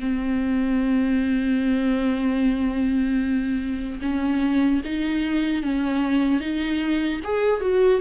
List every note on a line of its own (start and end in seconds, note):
0.00 4.00 C4
4.01 4.81 C#4
4.85 5.63 D#4
5.63 6.40 C#4
6.40 7.20 D#4
7.24 7.61 G#4
7.61 8.01 F#4